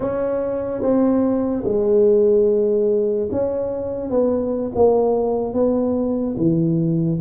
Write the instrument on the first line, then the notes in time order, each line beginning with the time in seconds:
tuba
0.00 C#4
0.81 C4
1.64 G#3
3.31 C#4
4.09 B3
4.74 A#3
5.53 B3
6.37 E3